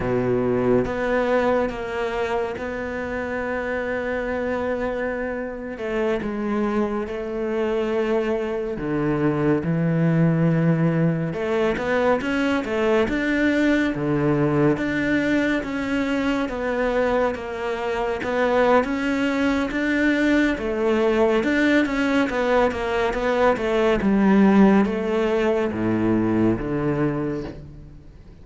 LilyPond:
\new Staff \with { instrumentName = "cello" } { \time 4/4 \tempo 4 = 70 b,4 b4 ais4 b4~ | b2~ b8. a8 gis8.~ | gis16 a2 d4 e8.~ | e4~ e16 a8 b8 cis'8 a8 d'8.~ |
d'16 d4 d'4 cis'4 b8.~ | b16 ais4 b8. cis'4 d'4 | a4 d'8 cis'8 b8 ais8 b8 a8 | g4 a4 a,4 d4 | }